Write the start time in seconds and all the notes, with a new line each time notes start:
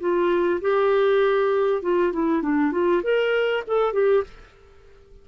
0.00 F4
0.61 G4
1.82 F4
2.13 E4
2.42 D4
2.72 F4
3.03 A#4
3.67 A4
3.93 G4